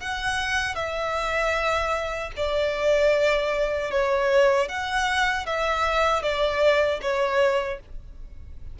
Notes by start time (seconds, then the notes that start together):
0.00 F#5
0.75 E5
2.37 D5
3.91 C#5
4.68 F#5
5.46 E5
6.22 D5
7.02 C#5